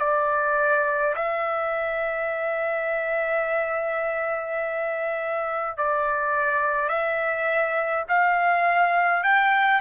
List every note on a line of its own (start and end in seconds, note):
0.00 1.15 D5
1.16 5.77 E5
5.78 6.89 D5
6.89 8.05 E5
8.09 9.24 F5
9.24 9.81 G5